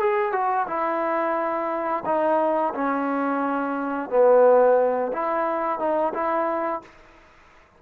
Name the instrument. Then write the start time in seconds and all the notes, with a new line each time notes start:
trombone
0.00 G#4
0.32 F#4
0.68 E4
2.05 D#4
2.74 C#4
4.10 B3
5.13 E4
5.79 D#4
6.14 E4